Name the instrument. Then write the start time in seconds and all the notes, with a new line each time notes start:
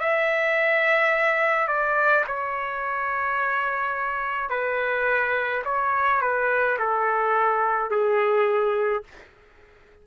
trumpet
0.00 E5
1.68 D5
2.27 C#5
4.50 B4
5.65 C#5
6.21 B4
6.79 A4
7.90 G#4